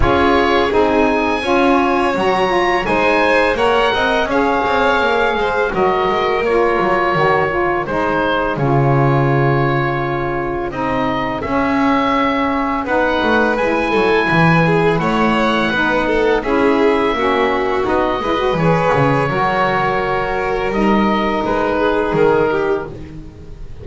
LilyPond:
<<
  \new Staff \with { instrumentName = "oboe" } { \time 4/4 \tempo 4 = 84 cis''4 gis''2 ais''4 | gis''4 fis''4 f''2 | dis''4 cis''2 c''4 | cis''2. dis''4 |
e''2 fis''4 gis''4~ | gis''4 fis''2 e''4~ | e''4 dis''4 cis''2~ | cis''4 dis''4 b'4 ais'4 | }
  \new Staff \with { instrumentName = "violin" } { \time 4/4 gis'2 cis''2 | c''4 cis''8 dis''8 cis''4. c''8 | ais'2. gis'4~ | gis'1~ |
gis'2 b'4. a'8 | b'8 gis'8 cis''4 b'8 a'8 gis'4 | fis'4. b'4. ais'4~ | ais'2~ ais'8 gis'4 g'8 | }
  \new Staff \with { instrumentName = "saxophone" } { \time 4/4 f'4 dis'4 f'4 fis'8 f'8 | dis'4 ais'4 gis'2 | fis'4 f'4 fis'8 f'8 dis'4 | f'2. dis'4 |
cis'2 dis'4 e'4~ | e'2 dis'4 e'4 | cis'4 dis'8 e'16 fis'16 gis'4 fis'4~ | fis'4 dis'2. | }
  \new Staff \with { instrumentName = "double bass" } { \time 4/4 cis'4 c'4 cis'4 fis4 | gis4 ais8 c'8 cis'8 c'8 ais8 gis8 | fis8 gis8 ais8 fis8 dis4 gis4 | cis2. c'4 |
cis'2 b8 a8 gis8 fis8 | e4 a4 b4 cis'4 | ais4 b8 gis8 e8 cis8 fis4~ | fis4 g4 gis4 dis4 | }
>>